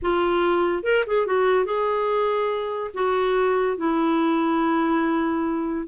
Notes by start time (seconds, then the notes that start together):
0.02 F4
0.83 A#4
1.06 G#4
1.26 F#4
1.65 G#4
2.94 F#4
3.77 E4